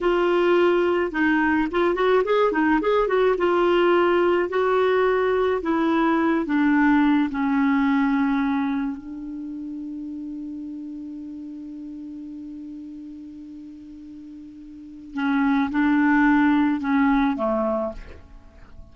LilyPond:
\new Staff \with { instrumentName = "clarinet" } { \time 4/4 \tempo 4 = 107 f'2 dis'4 f'8 fis'8 | gis'8 dis'8 gis'8 fis'8 f'2 | fis'2 e'4. d'8~ | d'4 cis'2. |
d'1~ | d'1~ | d'2. cis'4 | d'2 cis'4 a4 | }